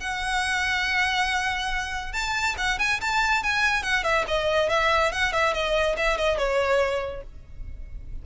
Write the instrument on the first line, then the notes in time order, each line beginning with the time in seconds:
violin
0.00 F#5
2.13 A5
2.57 F#5
2.79 G#5
3.01 A5
3.43 G#5
3.83 F#5
4.04 E5
4.27 D#5
4.69 E5
5.12 F#5
5.32 E5
5.54 D#5
5.97 E5
6.18 D#5
6.38 C#5